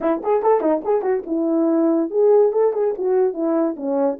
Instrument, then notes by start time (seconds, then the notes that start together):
horn
0.01 E4
0.23 G#4
0.42 A4
0.61 D#4
0.84 G#4
1.02 F#4
1.26 E4
2.10 G#4
2.52 A4
2.73 G#4
2.98 F#4
3.33 E4
3.76 C#4